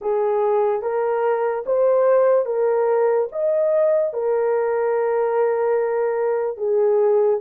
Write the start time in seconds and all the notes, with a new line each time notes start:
0.01 G#4
0.82 A#4
1.66 C5
2.45 A#4
3.31 D#5
4.13 A#4
6.57 G#4